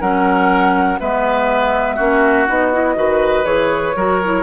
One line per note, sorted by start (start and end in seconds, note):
0.00 0.99 F#3
0.00 0.99 C#4
0.00 0.98 A#4
0.00 0.99 F#5
1.00 1.99 G#3
1.00 1.98 B3
1.00 1.95 B4
1.00 2.47 E5
1.95 2.48 A#3
1.95 2.47 C#4
1.95 2.94 F#4
2.47 2.96 B3
2.47 2.72 D#4
2.47 3.45 D#5
2.72 2.95 E4
2.95 3.45 D#3
2.95 3.44 F#4
2.95 3.96 B4
3.44 3.94 E3
3.44 3.93 G#4
3.44 4.42 C#5
3.95 4.42 F#3
3.95 4.21 F#4
3.95 4.42 A#4
4.24 4.42 E4